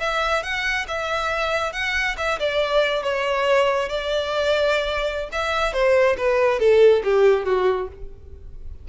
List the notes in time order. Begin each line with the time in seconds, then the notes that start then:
0.00 E5
0.43 F#5
0.88 E5
1.73 F#5
2.17 E5
2.40 D5
3.03 C#5
3.89 D5
5.32 E5
5.73 C5
6.17 B4
6.59 A4
7.04 G4
7.45 F#4